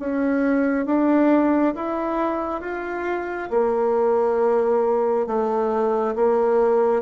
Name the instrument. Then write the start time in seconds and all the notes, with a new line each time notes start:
bassoon
0.00 C#4
0.86 D4
1.76 E4
2.61 F4
3.51 A#3
5.27 A3
6.16 A#3